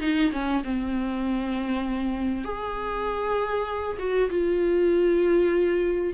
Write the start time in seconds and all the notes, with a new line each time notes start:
0.00 D#4
0.32 C#4
0.64 C4
2.44 G#4
3.99 F#4
4.30 F4